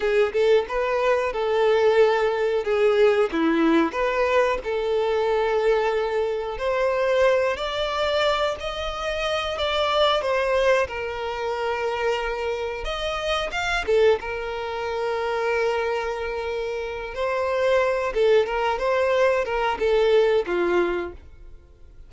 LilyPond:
\new Staff \with { instrumentName = "violin" } { \time 4/4 \tempo 4 = 91 gis'8 a'8 b'4 a'2 | gis'4 e'4 b'4 a'4~ | a'2 c''4. d''8~ | d''4 dis''4. d''4 c''8~ |
c''8 ais'2. dis''8~ | dis''8 f''8 a'8 ais'2~ ais'8~ | ais'2 c''4. a'8 | ais'8 c''4 ais'8 a'4 f'4 | }